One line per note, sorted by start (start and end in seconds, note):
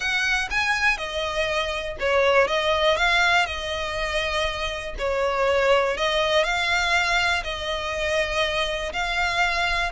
0.00 0.48 F#5
0.50 0.97 G#5
0.97 1.96 D#5
1.99 2.47 C#5
2.47 2.97 D#5
2.97 3.46 F5
3.46 4.95 D#5
4.98 5.97 C#5
5.97 6.43 D#5
6.43 7.43 F5
7.43 8.92 D#5
8.93 9.92 F5